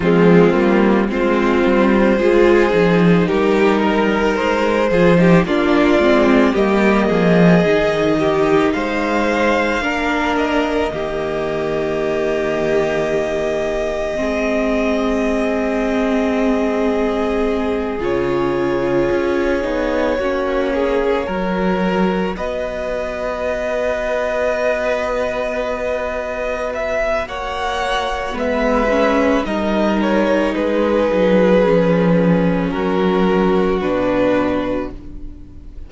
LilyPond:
<<
  \new Staff \with { instrumentName = "violin" } { \time 4/4 \tempo 4 = 55 f'4 c''2 ais'4 | c''4 d''4 dis''2 | f''4. dis''2~ dis''8~ | dis''1~ |
dis''8 cis''2.~ cis''8~ | cis''8 dis''2.~ dis''8~ | dis''8 e''8 fis''4 e''4 dis''8 cis''8 | b'2 ais'4 b'4 | }
  \new Staff \with { instrumentName = "violin" } { \time 4/4 c'4 f'4 gis'4 g'8 ais'8~ | ais'8 gis'16 g'16 f'4 g'8 gis'4 g'8 | c''4 ais'4 g'2~ | g'4 gis'2.~ |
gis'2~ gis'8 fis'8 gis'8 ais'8~ | ais'8 b'2.~ b'8~ | b'4 cis''4 b'4 ais'4 | gis'2 fis'2 | }
  \new Staff \with { instrumentName = "viola" } { \time 4/4 gis8 ais8 c'4 f'8 dis'4.~ | dis'8 f'16 dis'16 d'8 c'8 ais4 dis'4~ | dis'4 d'4 ais2~ | ais4 c'2.~ |
c'8 f'4. dis'8 cis'4 fis'8~ | fis'1~ | fis'2 b8 cis'8 dis'4~ | dis'4 cis'2 d'4 | }
  \new Staff \with { instrumentName = "cello" } { \time 4/4 f8 g8 gis8 g8 gis8 f8 g4 | gis8 f8 ais8 gis8 g8 f8 dis4 | gis4 ais4 dis2~ | dis4 gis2.~ |
gis8 cis4 cis'8 b8 ais4 fis8~ | fis8 b2.~ b8~ | b4 ais4 gis4 g4 | gis8 fis8 f4 fis4 b,4 | }
>>